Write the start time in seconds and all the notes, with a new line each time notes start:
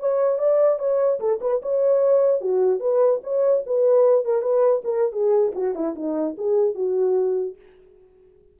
0.00 C#5
0.39 D5
0.79 C#5
1.20 A4
1.41 B4
1.62 C#5
2.41 F#4
2.80 B4
3.23 C#5
3.66 B4
4.25 A#4
4.42 B4
4.84 A#4
5.12 G#4
5.55 F#4
5.75 E4
5.96 D#4
6.38 G#4
6.75 F#4